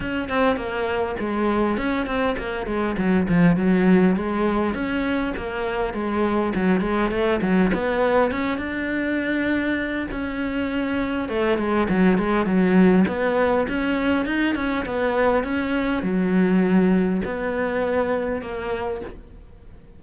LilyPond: \new Staff \with { instrumentName = "cello" } { \time 4/4 \tempo 4 = 101 cis'8 c'8 ais4 gis4 cis'8 c'8 | ais8 gis8 fis8 f8 fis4 gis4 | cis'4 ais4 gis4 fis8 gis8 | a8 fis8 b4 cis'8 d'4.~ |
d'4 cis'2 a8 gis8 | fis8 gis8 fis4 b4 cis'4 | dis'8 cis'8 b4 cis'4 fis4~ | fis4 b2 ais4 | }